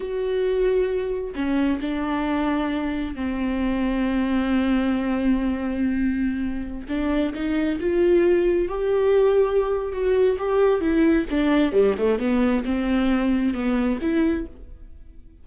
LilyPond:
\new Staff \with { instrumentName = "viola" } { \time 4/4 \tempo 4 = 133 fis'2. cis'4 | d'2. c'4~ | c'1~ | c'2.~ c'16 d'8.~ |
d'16 dis'4 f'2 g'8.~ | g'2 fis'4 g'4 | e'4 d'4 g8 a8 b4 | c'2 b4 e'4 | }